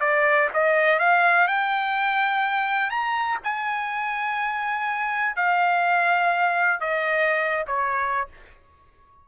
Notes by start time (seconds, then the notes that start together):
0.00 D5
0.53 D#5
0.99 F5
1.47 G5
2.89 A#5
3.43 G#5
5.36 F5
6.80 D#5
7.67 C#5